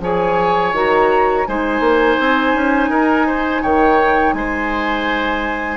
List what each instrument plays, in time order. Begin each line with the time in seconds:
0.00 bassoon F3, clarinet G#4, oboe C#5, flute G#5
0.73 bassoon D#3, clarinet F#4, flute A#5
1.47 bassoon G#3, clarinet D#4, oboe C5, flute G#5
1.80 bassoon A#3
2.20 bassoon C4
2.54 bassoon C#4
2.89 bassoon D#4, oboe A#4
3.27 oboe C5
3.62 bassoon D#3, oboe C#5, flute G5
4.33 bassoon G#3, oboe C5, flute G#5